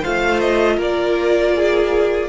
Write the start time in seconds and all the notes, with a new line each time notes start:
0.00 A3 F4 C5 F5
0.40 D#5
0.77 A#3 A#4 D5
1.56 G#4